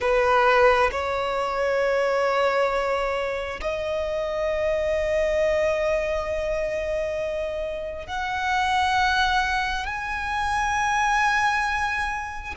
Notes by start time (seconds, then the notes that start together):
0.00 B4
0.91 C#5
3.61 D#5
8.06 F#5
9.85 G#5